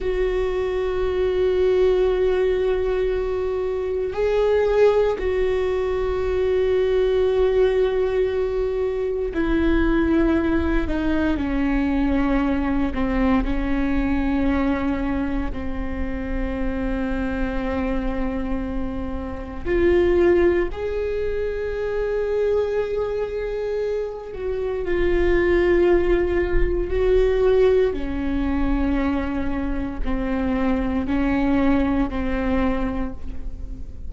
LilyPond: \new Staff \with { instrumentName = "viola" } { \time 4/4 \tempo 4 = 58 fis'1 | gis'4 fis'2.~ | fis'4 e'4. dis'8 cis'4~ | cis'8 c'8 cis'2 c'4~ |
c'2. f'4 | gis'2.~ gis'8 fis'8 | f'2 fis'4 cis'4~ | cis'4 c'4 cis'4 c'4 | }